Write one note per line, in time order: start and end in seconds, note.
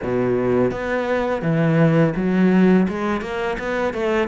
0.02 0.71 B2
0.71 1.42 B3
1.42 2.13 E3
2.16 2.87 F#3
2.88 3.21 G#3
3.21 3.57 A#3
3.58 3.93 B3
3.93 4.28 A3